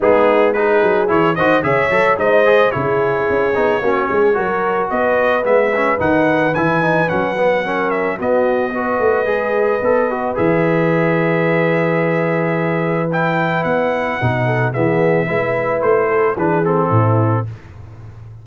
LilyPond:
<<
  \new Staff \with { instrumentName = "trumpet" } { \time 4/4 \tempo 4 = 110 gis'4 b'4 cis''8 dis''8 e''4 | dis''4 cis''2.~ | cis''4 dis''4 e''4 fis''4 | gis''4 fis''4. e''8 dis''4~ |
dis''2. e''4~ | e''1 | g''4 fis''2 e''4~ | e''4 c''4 b'8 a'4. | }
  \new Staff \with { instrumentName = "horn" } { \time 4/4 dis'4 gis'4. c''8 cis''4 | c''4 gis'2 fis'8 gis'8 | ais'4 b'2.~ | b'2 ais'4 fis'4 |
b'1~ | b'1~ | b'2~ b'8 a'8 gis'4 | b'4. a'8 gis'4 e'4 | }
  \new Staff \with { instrumentName = "trombone" } { \time 4/4 b4 dis'4 e'8 fis'8 gis'8 a'8 | dis'8 gis'8 e'4. dis'8 cis'4 | fis'2 b8 cis'8 dis'4 | e'8 dis'8 cis'8 b8 cis'4 b4 |
fis'4 gis'4 a'8 fis'8 gis'4~ | gis'1 | e'2 dis'4 b4 | e'2 d'8 c'4. | }
  \new Staff \with { instrumentName = "tuba" } { \time 4/4 gis4. fis8 e8 dis8 cis8 fis8 | gis4 cis4 cis'8 b8 ais8 gis8 | fis4 b4 gis4 dis4 | e4 fis2 b4~ |
b8 a8 gis4 b4 e4~ | e1~ | e4 b4 b,4 e4 | gis4 a4 e4 a,4 | }
>>